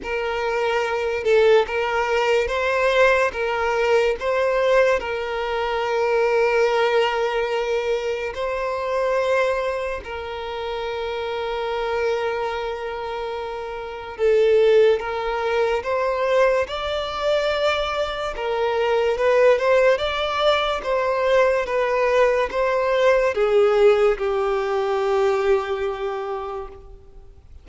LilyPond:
\new Staff \with { instrumentName = "violin" } { \time 4/4 \tempo 4 = 72 ais'4. a'8 ais'4 c''4 | ais'4 c''4 ais'2~ | ais'2 c''2 | ais'1~ |
ais'4 a'4 ais'4 c''4 | d''2 ais'4 b'8 c''8 | d''4 c''4 b'4 c''4 | gis'4 g'2. | }